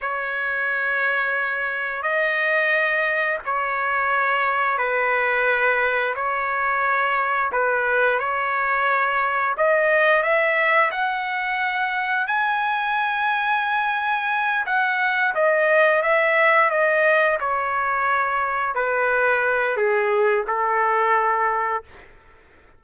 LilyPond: \new Staff \with { instrumentName = "trumpet" } { \time 4/4 \tempo 4 = 88 cis''2. dis''4~ | dis''4 cis''2 b'4~ | b'4 cis''2 b'4 | cis''2 dis''4 e''4 |
fis''2 gis''2~ | gis''4. fis''4 dis''4 e''8~ | e''8 dis''4 cis''2 b'8~ | b'4 gis'4 a'2 | }